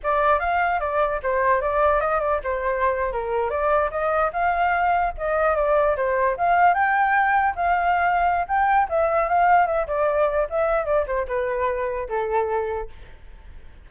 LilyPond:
\new Staff \with { instrumentName = "flute" } { \time 4/4 \tempo 4 = 149 d''4 f''4 d''4 c''4 | d''4 dis''8 d''8 c''4.~ c''16 ais'16~ | ais'8. d''4 dis''4 f''4~ f''16~ | f''8. dis''4 d''4 c''4 f''16~ |
f''8. g''2 f''4~ f''16~ | f''4 g''4 e''4 f''4 | e''8 d''4. e''4 d''8 c''8 | b'2 a'2 | }